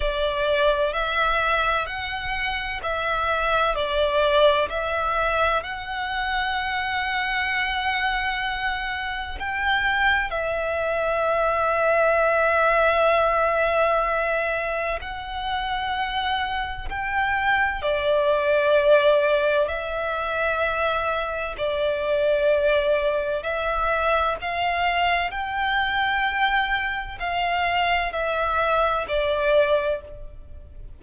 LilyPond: \new Staff \with { instrumentName = "violin" } { \time 4/4 \tempo 4 = 64 d''4 e''4 fis''4 e''4 | d''4 e''4 fis''2~ | fis''2 g''4 e''4~ | e''1 |
fis''2 g''4 d''4~ | d''4 e''2 d''4~ | d''4 e''4 f''4 g''4~ | g''4 f''4 e''4 d''4 | }